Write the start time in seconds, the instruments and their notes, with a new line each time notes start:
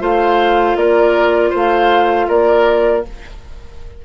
0.00 bassoon A3, clarinet F4, oboe C5, flute F5
0.76 bassoon A#3, oboe A#4, flute D5
1.51 bassoon A3, oboe C5
1.57 flute F5
2.29 bassoon A#3, oboe A#4, flute D5